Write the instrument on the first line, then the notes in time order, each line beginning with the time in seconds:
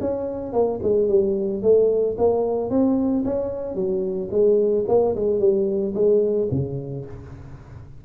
tuba
0.00 C#4
0.52 A#3
0.83 G#3
1.08 G3
1.62 A3
2.17 A#3
2.69 C4
3.25 C#4
3.74 F#3
4.30 G#3
4.88 A#3
5.15 G#3
5.39 G3
5.94 G#3
6.51 C#3